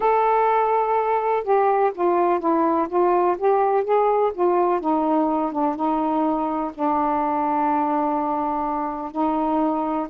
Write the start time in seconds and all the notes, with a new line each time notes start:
0.00 A4
1.43 G4
1.94 F4
2.39 E4
2.88 F4
3.38 G4
3.84 G#4
4.34 F4
4.80 D#4
5.52 D4
5.75 D#4
6.73 D4
9.11 D#4